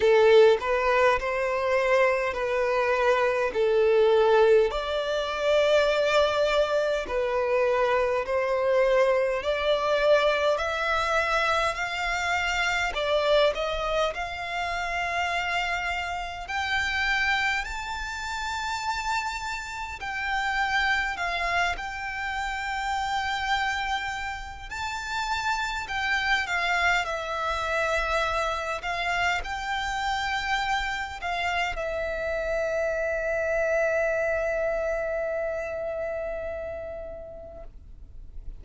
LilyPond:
\new Staff \with { instrumentName = "violin" } { \time 4/4 \tempo 4 = 51 a'8 b'8 c''4 b'4 a'4 | d''2 b'4 c''4 | d''4 e''4 f''4 d''8 dis''8 | f''2 g''4 a''4~ |
a''4 g''4 f''8 g''4.~ | g''4 a''4 g''8 f''8 e''4~ | e''8 f''8 g''4. f''8 e''4~ | e''1 | }